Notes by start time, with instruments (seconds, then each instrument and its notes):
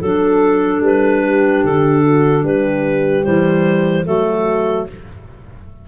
0.00 tuba F#3, clarinet D4 A4, horn A4
0.81 tuba G3, clarinet B4
1.22 horn G4
1.64 tuba D3, clarinet A4
2.03 horn F#4
2.43 tuba G3, horn G4, clarinet B4
3.22 tuba E3, clarinet G3 C5
4.05 tuba F#3, clarinet A3 A4, horn F#4